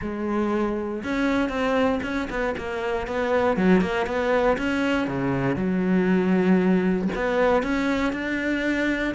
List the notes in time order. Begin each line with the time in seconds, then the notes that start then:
0.01 G#3
1.03 C#4
1.49 C4
2.02 C#4
2.30 B3
2.57 A#3
3.07 B3
3.57 F#3
3.81 A#3
4.06 B3
4.57 C#4
5.07 C#3
5.56 F#3
7.15 B3
7.62 C#4
8.12 D4